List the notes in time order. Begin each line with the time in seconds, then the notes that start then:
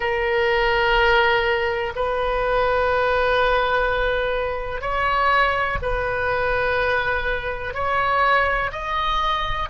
0.00 A#4
1.95 B4
4.81 C#5
5.82 B4
7.74 C#5
8.71 D#5